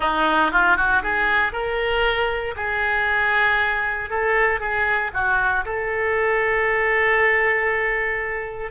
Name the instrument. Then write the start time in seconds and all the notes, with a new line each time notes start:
oboe
0.00 D#4
0.51 F4
0.76 F#4
1.03 G#4
1.52 A#4
2.56 G#4
4.09 A4
4.60 G#4
5.13 F#4
5.65 A4